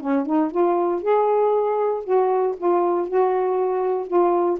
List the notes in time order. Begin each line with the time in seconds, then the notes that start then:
0.00 C#4
0.26 D#4
0.51 F4
1.02 G#4
2.04 F#4
2.57 F4
3.08 F#4
4.07 F4